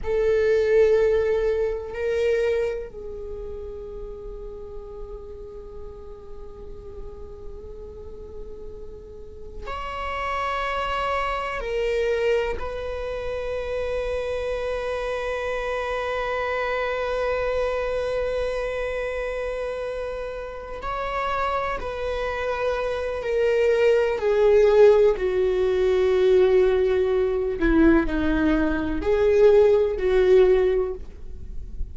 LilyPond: \new Staff \with { instrumentName = "viola" } { \time 4/4 \tempo 4 = 62 a'2 ais'4 gis'4~ | gis'1~ | gis'2 cis''2 | ais'4 b'2.~ |
b'1~ | b'4. cis''4 b'4. | ais'4 gis'4 fis'2~ | fis'8 e'8 dis'4 gis'4 fis'4 | }